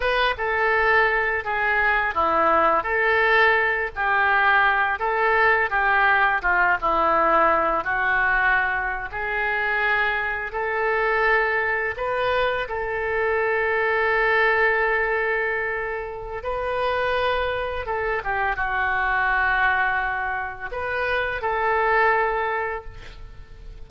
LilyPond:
\new Staff \with { instrumentName = "oboe" } { \time 4/4 \tempo 4 = 84 b'8 a'4. gis'4 e'4 | a'4. g'4. a'4 | g'4 f'8 e'4. fis'4~ | fis'8. gis'2 a'4~ a'16~ |
a'8. b'4 a'2~ a'16~ | a'2. b'4~ | b'4 a'8 g'8 fis'2~ | fis'4 b'4 a'2 | }